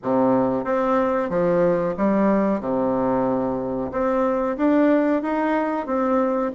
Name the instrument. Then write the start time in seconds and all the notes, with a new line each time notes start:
bassoon
0.02 C3
0.64 C4
1.29 F3
1.97 G3
2.60 C3
3.91 C4
4.57 D4
5.22 D#4
5.86 C4